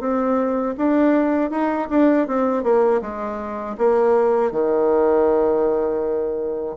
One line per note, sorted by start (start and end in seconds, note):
0.00 0.75 C4
0.77 1.51 D4
1.51 1.88 D#4
1.90 2.27 D4
2.27 2.64 C4
2.64 3.01 A#3
3.01 3.76 G#3
3.78 4.51 A#3
4.51 6.76 D#3